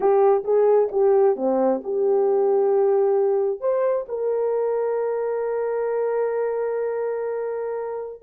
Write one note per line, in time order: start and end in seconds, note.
0.00 0.43 G4
0.43 0.89 G#4
0.91 1.36 G4
1.36 1.81 C4
1.83 3.60 G4
3.60 4.05 C5
4.08 8.22 A#4